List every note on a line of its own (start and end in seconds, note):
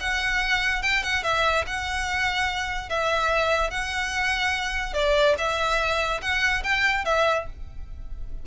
0.00 0.83 F#5
0.83 1.03 G5
1.03 1.23 F#5
1.23 1.65 E5
1.67 2.89 F#5
2.89 3.71 E5
3.71 4.94 F#5
4.94 5.35 D5
5.38 6.21 E5
6.22 6.63 F#5
6.64 7.05 G5
7.05 7.46 E5